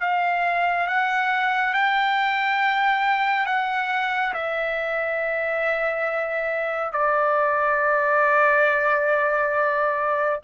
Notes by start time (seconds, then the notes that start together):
0.00 F5
0.87 F#5
1.73 G5
3.46 F#5
4.33 E5
6.92 D5